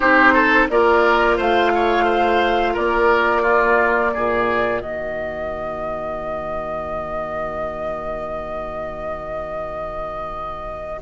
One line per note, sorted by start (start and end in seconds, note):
0.00 0.69 C4
0.00 0.69 D#4
0.00 0.33 G4
0.00 0.67 C5
0.33 0.68 A4
0.69 1.38 A#3
0.69 3.44 F4
0.69 1.37 A#4
0.69 1.38 D5
1.37 2.76 A3
1.37 1.71 C5
1.37 2.76 F5
1.74 2.04 C#5
2.04 2.73 C5
2.73 4.15 A#3
2.73 3.42 A#4
2.73 4.80 D5
3.42 11.02 A#3
3.42 4.11 F4
4.14 4.83 A#2
4.14 4.81 G#4
4.80 11.02 D#3
4.80 11.02 F#4
4.80 11.01 D#5